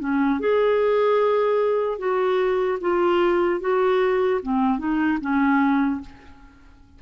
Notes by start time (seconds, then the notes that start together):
0.00 C#4
0.40 G#4
1.99 F#4
2.81 F4
3.61 F#4
4.43 C4
4.79 D#4
5.21 C#4